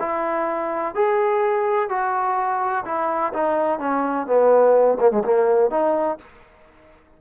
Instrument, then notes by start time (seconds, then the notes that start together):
trombone
0.00 E4
0.95 G#4
1.90 F#4
2.85 E4
3.34 D#4
3.79 C#4
4.27 B3
5.00 A#3
5.11 G#3
5.25 A#3
5.71 D#4